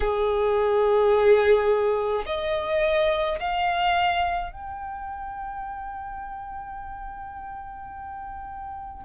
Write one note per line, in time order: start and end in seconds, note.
0.00 2.24 G#4
2.26 3.39 D#5
3.40 4.52 F5
4.52 9.05 G5